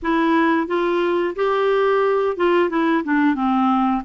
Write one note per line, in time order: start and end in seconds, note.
0.02 0.67 E4
0.67 1.35 F4
1.35 2.36 G4
2.36 2.69 F4
2.69 3.03 E4
3.04 3.35 D4
3.35 4.02 C4